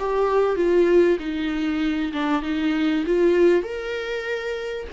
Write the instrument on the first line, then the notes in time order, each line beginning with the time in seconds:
viola
0.00 G4
0.56 F4
1.20 D#4
2.13 D4
2.43 D#4
3.06 F4
3.64 A#4